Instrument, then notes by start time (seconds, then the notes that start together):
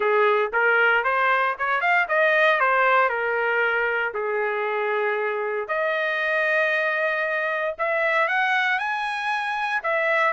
trumpet
0.00 G#4
0.52 A#4
1.04 C5
1.58 C#5
1.80 F5
2.08 D#5
2.60 C5
3.09 A#4
4.14 G#4
5.68 D#5
7.78 E5
8.28 F#5
8.78 G#5
9.83 E5